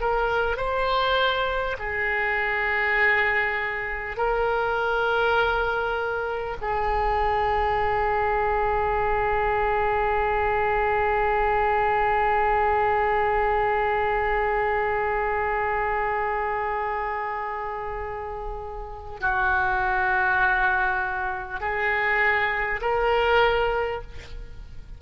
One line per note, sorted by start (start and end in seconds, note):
0.00 0.57 A#4
0.57 1.77 C5
1.78 4.16 G#4
4.16 6.56 A#4
6.61 19.20 G#4
19.20 21.60 F#4
21.60 22.80 G#4
22.81 24.01 A#4